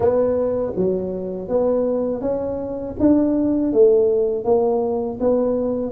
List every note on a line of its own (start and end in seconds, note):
0.00 0.72 B3
0.75 1.48 F#3
1.48 2.21 B3
2.21 2.95 C#4
2.99 3.72 D4
3.72 4.44 A3
4.44 5.18 A#3
5.20 5.91 B3